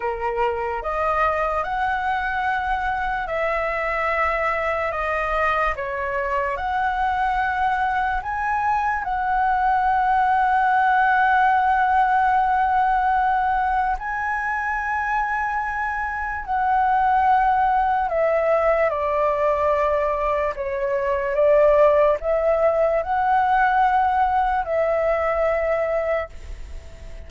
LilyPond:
\new Staff \with { instrumentName = "flute" } { \time 4/4 \tempo 4 = 73 ais'4 dis''4 fis''2 | e''2 dis''4 cis''4 | fis''2 gis''4 fis''4~ | fis''1~ |
fis''4 gis''2. | fis''2 e''4 d''4~ | d''4 cis''4 d''4 e''4 | fis''2 e''2 | }